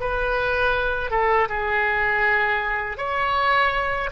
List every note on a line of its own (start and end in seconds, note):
0.00 1.11 B4
1.11 1.48 A4
1.49 2.97 G#4
2.97 4.10 C#5